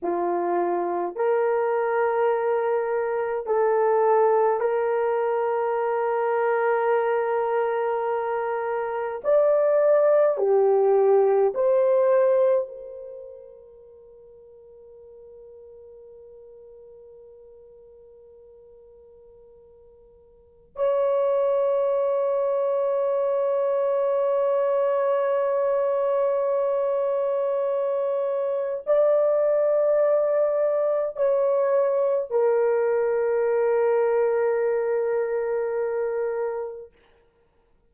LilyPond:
\new Staff \with { instrumentName = "horn" } { \time 4/4 \tempo 4 = 52 f'4 ais'2 a'4 | ais'1 | d''4 g'4 c''4 ais'4~ | ais'1~ |
ais'2 cis''2~ | cis''1~ | cis''4 d''2 cis''4 | ais'1 | }